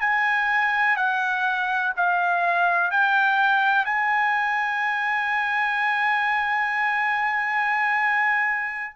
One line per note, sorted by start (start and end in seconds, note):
0.00 0.96 G#5
0.96 1.93 F#5
1.96 2.91 F5
2.91 3.85 G5
3.85 8.93 G#5